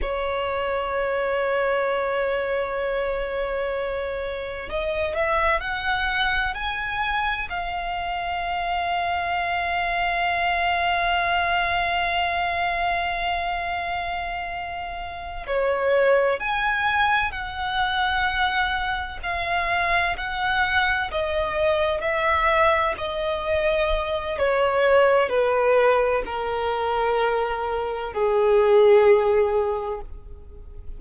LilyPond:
\new Staff \with { instrumentName = "violin" } { \time 4/4 \tempo 4 = 64 cis''1~ | cis''4 dis''8 e''8 fis''4 gis''4 | f''1~ | f''1~ |
f''8 cis''4 gis''4 fis''4.~ | fis''8 f''4 fis''4 dis''4 e''8~ | e''8 dis''4. cis''4 b'4 | ais'2 gis'2 | }